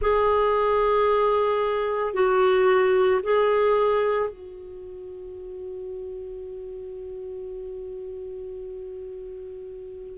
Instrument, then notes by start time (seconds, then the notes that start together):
clarinet
0.01 G#4
2.13 F#4
3.22 G#4
4.29 F#4